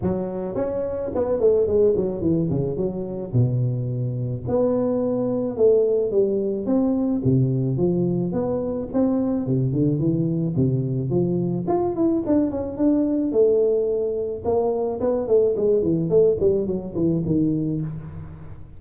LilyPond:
\new Staff \with { instrumentName = "tuba" } { \time 4/4 \tempo 4 = 108 fis4 cis'4 b8 a8 gis8 fis8 | e8 cis8 fis4 b,2 | b2 a4 g4 | c'4 c4 f4 b4 |
c'4 c8 d8 e4 c4 | f4 f'8 e'8 d'8 cis'8 d'4 | a2 ais4 b8 a8 | gis8 e8 a8 g8 fis8 e8 dis4 | }